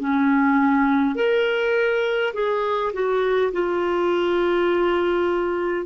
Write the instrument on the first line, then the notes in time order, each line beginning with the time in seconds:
clarinet
0.00 C#4
1.16 A#4
2.34 G#4
2.94 F#4
3.53 F4